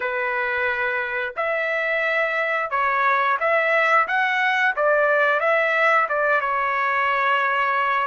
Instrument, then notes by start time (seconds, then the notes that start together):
trumpet
0.00 B4
1.36 E5
2.70 C#5
3.40 E5
4.07 F#5
4.75 D5
5.40 E5
6.09 D5
6.40 C#5